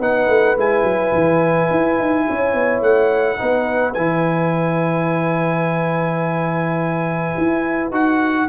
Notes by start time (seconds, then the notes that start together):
0.00 B3 D#4 B4 F#5
0.28 A3
0.57 G#3 E4 G#5
0.83 F#3
1.13 E3
1.71 E4
1.99 D#4
2.30 C#4 C#5
2.54 B3
2.81 A3 F#5
3.38 B3 D#4 B4
3.94 E3 E4 G#5
7.38 E4
7.91 D#4 F#4 F#5